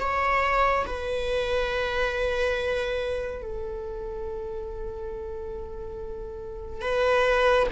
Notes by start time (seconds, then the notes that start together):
0.00 C#5
0.86 B4
3.42 A4
6.82 B4